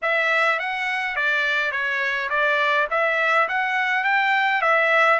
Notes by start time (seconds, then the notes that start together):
0.02 E5
0.59 F#5
1.16 D5
1.71 C#5
2.29 D5
2.90 E5
3.48 F#5
4.04 G5
4.61 E5